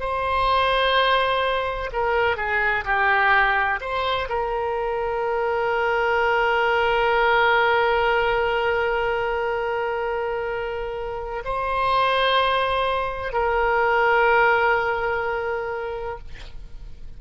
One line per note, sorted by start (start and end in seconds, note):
0.00 1.90 C5
1.93 2.37 A#4
2.37 2.84 G#4
2.85 3.80 G4
3.81 4.28 C5
4.29 11.43 A#4
11.45 13.32 C5
13.32 16.18 A#4